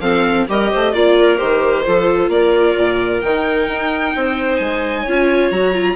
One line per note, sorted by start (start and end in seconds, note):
0.00 0.46 F3
0.00 0.46 C4
0.00 0.47 A4
0.00 0.46 F5
0.48 0.72 G3
0.48 0.94 G4
0.48 0.71 A#4
0.48 0.94 D#5
0.71 0.94 A3
0.71 0.91 C5
0.91 1.40 A#3
0.91 1.37 F4
0.91 1.14 D5
0.91 1.37 D5
1.18 1.85 A#4
1.37 1.86 D#3
1.37 1.83 G4
1.37 2.29 C5
1.85 2.28 F3
1.85 3.22 F4
1.85 2.31 A4
2.28 2.74 A#3
2.28 4.15 A#4
2.28 3.21 D5
2.77 3.22 A#2
3.21 3.68 D#3
3.21 5.07 D#4
3.21 4.56 G5
3.68 4.13 D#4
4.15 4.60 C4
4.15 5.02 C5
4.56 5.05 G#3
4.56 5.48 G#5
5.02 5.51 C#4
5.02 5.53 F4
5.02 5.94 C#5
5.51 5.96 F#3
5.51 5.73 F#4
5.51 5.96 A#5
5.73 5.96 F4